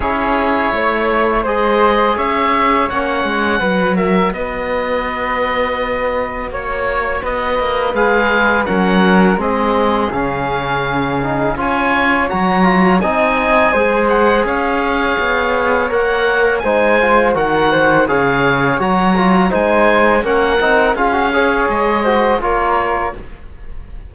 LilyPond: <<
  \new Staff \with { instrumentName = "oboe" } { \time 4/4 \tempo 4 = 83 cis''2 dis''4 e''4 | fis''4. e''8 dis''2~ | dis''4 cis''4 dis''4 f''4 | fis''4 dis''4 f''2 |
gis''4 ais''4 gis''4. fis''8 | f''2 fis''4 gis''4 | fis''4 f''4 ais''4 gis''4 | fis''4 f''4 dis''4 cis''4 | }
  \new Staff \with { instrumentName = "flute" } { \time 4/4 gis'4 cis''4 c''4 cis''4~ | cis''4 b'8 ais'8 b'2~ | b'4 cis''4 b'2 | ais'4 gis'2. |
cis''2 dis''4 c''4 | cis''2. c''4 | ais'8 c''8 cis''2 c''4 | ais'4 gis'8 cis''4 c''8 ais'4 | }
  \new Staff \with { instrumentName = "trombone" } { \time 4/4 e'2 gis'2 | cis'4 fis'2.~ | fis'2. gis'4 | cis'4 c'4 cis'4. dis'8 |
f'4 fis'8 f'8 dis'4 gis'4~ | gis'2 ais'4 dis'8 f'8 | fis'4 gis'4 fis'8 f'8 dis'4 | cis'8 dis'8 f'16 fis'16 gis'4 fis'8 f'4 | }
  \new Staff \with { instrumentName = "cello" } { \time 4/4 cis'4 a4 gis4 cis'4 | ais8 gis8 fis4 b2~ | b4 ais4 b8 ais8 gis4 | fis4 gis4 cis2 |
cis'4 fis4 c'4 gis4 | cis'4 b4 ais4 gis4 | dis4 cis4 fis4 gis4 | ais8 c'8 cis'4 gis4 ais4 | }
>>